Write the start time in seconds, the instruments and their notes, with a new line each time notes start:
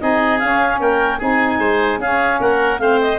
0.00 tuba C4, saxophone D#4, oboe G#4, clarinet D#5
0.39 saxophone C#4, tuba C#4, clarinet F5
0.80 tuba A#3, oboe A#4, clarinet G5
1.19 tuba C4, saxophone D#4, oboe G#4, clarinet G#5
1.59 tuba G#3, oboe C5
1.99 tuba C#4, saxophone C#4, oboe G#4, clarinet F5
2.41 tuba A#3, oboe A#4, clarinet F#5
2.79 tuba A3, saxophone C4, oboe C5, clarinet F5
3.01 clarinet D#5